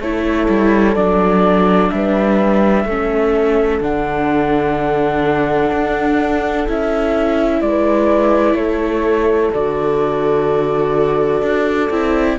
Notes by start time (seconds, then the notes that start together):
0.00 A3 E4 A4 C#5
0.48 G3
0.95 F#3 D4 D5
1.90 G3 B4 E5
2.85 A3 C#4 A4
3.81 D3 D4 F#5
5.72 D4
6.67 C#4 E4 E5
7.61 G#3 B4 D5
8.54 A3 A4 C#5
9.53 D3 F#4 D5
11.42 D4
11.90 C4 E4